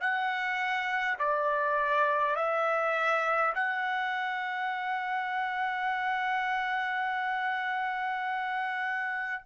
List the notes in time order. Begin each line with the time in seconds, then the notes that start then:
0.00 F#5
1.19 D5
2.35 E5
3.55 F#5